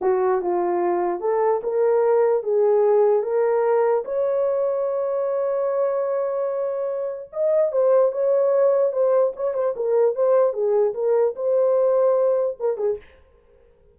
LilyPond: \new Staff \with { instrumentName = "horn" } { \time 4/4 \tempo 4 = 148 fis'4 f'2 a'4 | ais'2 gis'2 | ais'2 cis''2~ | cis''1~ |
cis''2 dis''4 c''4 | cis''2 c''4 cis''8 c''8 | ais'4 c''4 gis'4 ais'4 | c''2. ais'8 gis'8 | }